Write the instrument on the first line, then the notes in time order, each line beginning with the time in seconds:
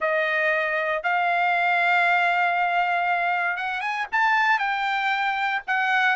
trumpet
0.00 D#5
1.03 F5
3.56 F#5
3.80 G#5
4.12 A5
4.59 G5
5.67 F#5